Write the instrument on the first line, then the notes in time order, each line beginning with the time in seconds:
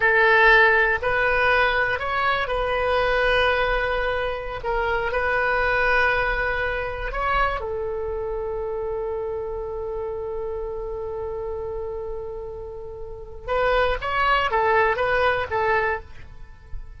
oboe
0.00 A4
1.01 B4
1.99 C#5
2.48 B4
4.63 A#4
5.11 B4
7.12 C#5
7.60 A4
13.47 B4
14.01 C#5
14.50 A4
14.96 B4
15.50 A4